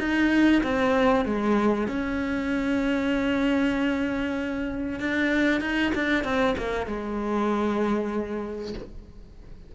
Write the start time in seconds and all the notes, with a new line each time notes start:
0.00 D#4
0.64 C4
1.26 G#3
1.88 C#4
5.00 D4
5.61 D#4
5.95 D4
6.24 C4
6.58 A#3
6.87 G#3